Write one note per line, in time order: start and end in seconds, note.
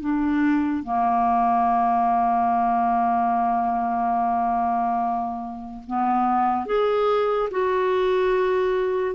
0.00 0.83 D4
0.83 5.83 A#3
5.87 6.66 B3
6.66 7.49 G#4
7.51 9.15 F#4